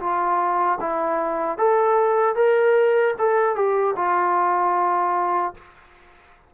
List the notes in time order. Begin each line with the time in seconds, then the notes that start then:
0.00 F4
0.80 E4
1.58 A4
2.35 A#4
3.18 A4
3.55 G4
3.96 F4